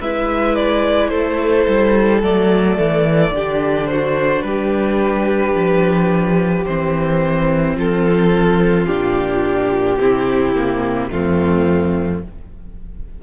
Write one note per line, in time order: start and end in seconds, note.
0.00 1.11 G#3
0.00 2.23 E4
0.00 1.10 B4
0.00 0.55 E5
0.55 1.08 D5
1.08 1.66 A3
1.08 3.32 A4
1.08 2.19 C5
1.67 2.22 G3
2.22 2.78 F#3
2.22 3.34 A3
2.22 3.86 D5
2.79 3.31 E3
3.31 4.42 D3
3.31 6.66 D4
3.31 3.90 G4
3.86 4.46 F#4
3.86 4.42 C5
4.42 5.54 G3
4.42 7.75 G4
4.42 6.64 B4
5.54 6.65 F3
6.65 7.76 E3
6.65 8.87 C4
6.65 7.76 C5
7.75 8.87 F3
7.75 9.98 F4
7.75 8.86 A4
8.86 9.97 A#2
8.86 9.99 D4
8.86 11.08 G4
9.97 11.09 C3
9.97 10.55 C4
9.97 11.11 E4
10.55 11.11 A#3
11.11 12.22 F2
11.11 12.22 A3
11.11 12.23 C4
11.11 12.22 F4